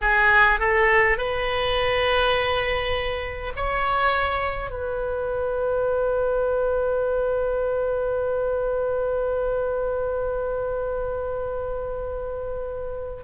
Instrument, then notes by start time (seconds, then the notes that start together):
oboe
0.01 G#4
0.59 A4
1.17 B4
3.56 C#5
4.70 B4